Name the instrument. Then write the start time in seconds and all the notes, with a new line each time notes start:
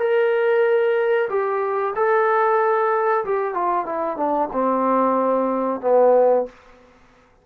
trombone
0.00 A#4
1.30 G4
1.96 A4
3.26 G4
3.55 F4
3.86 E4
4.17 D4
4.53 C4
5.82 B3